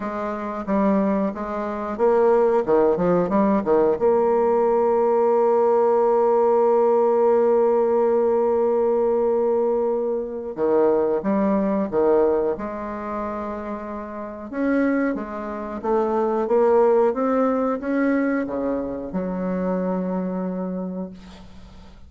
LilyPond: \new Staff \with { instrumentName = "bassoon" } { \time 4/4 \tempo 4 = 91 gis4 g4 gis4 ais4 | dis8 f8 g8 dis8 ais2~ | ais1~ | ais1 |
dis4 g4 dis4 gis4~ | gis2 cis'4 gis4 | a4 ais4 c'4 cis'4 | cis4 fis2. | }